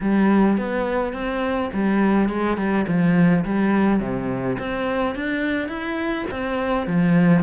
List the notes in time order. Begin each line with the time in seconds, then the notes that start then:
0.00 G3
0.57 B3
1.13 C4
1.73 G3
2.29 G#3
2.57 G3
2.87 F3
3.44 G3
4.00 C3
4.59 C4
5.15 D4
5.68 E4
6.30 C4
6.86 F3